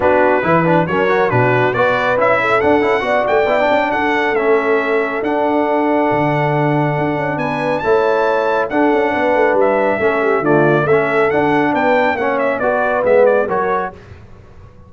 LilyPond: <<
  \new Staff \with { instrumentName = "trumpet" } { \time 4/4 \tempo 4 = 138 b'2 cis''4 b'4 | d''4 e''4 fis''4. g''8~ | g''4 fis''4 e''2 | fis''1~ |
fis''4 gis''4 a''2 | fis''2 e''2 | d''4 e''4 fis''4 g''4 | fis''8 e''8 d''4 e''8 d''8 cis''4 | }
  \new Staff \with { instrumentName = "horn" } { \time 4/4 fis'4 b'4 ais'4 fis'4 | b'4. a'4. d''4~ | d''4 a'2.~ | a'1~ |
a'4 b'4 cis''2 | a'4 b'2 a'8 g'8 | f'4 a'2 b'4 | cis''4 b'2 ais'4 | }
  \new Staff \with { instrumentName = "trombone" } { \time 4/4 d'4 e'8 d'8 cis'8 fis'8 d'4 | fis'4 e'4 d'8 e'8 fis'4 | e'16 d'4.~ d'16 cis'2 | d'1~ |
d'2 e'2 | d'2. cis'4 | a4 cis'4 d'2 | cis'4 fis'4 b4 fis'4 | }
  \new Staff \with { instrumentName = "tuba" } { \time 4/4 b4 e4 fis4 b,4 | b4 cis'4 d'8 cis'8 b8 a8 | b8 cis'8 d'4 a2 | d'2 d2 |
d'8 cis'8 b4 a2 | d'8 cis'8 b8 a8 g4 a4 | d4 a4 d'4 b4 | ais4 b4 gis4 fis4 | }
>>